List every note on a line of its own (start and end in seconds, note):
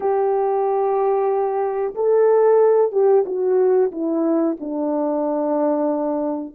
0.00 1.94 G4
1.94 2.91 A4
2.91 3.24 G4
3.25 3.91 F#4
3.91 4.57 E4
4.59 6.54 D4